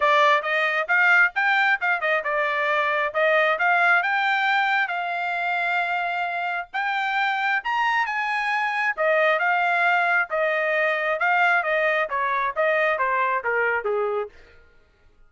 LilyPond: \new Staff \with { instrumentName = "trumpet" } { \time 4/4 \tempo 4 = 134 d''4 dis''4 f''4 g''4 | f''8 dis''8 d''2 dis''4 | f''4 g''2 f''4~ | f''2. g''4~ |
g''4 ais''4 gis''2 | dis''4 f''2 dis''4~ | dis''4 f''4 dis''4 cis''4 | dis''4 c''4 ais'4 gis'4 | }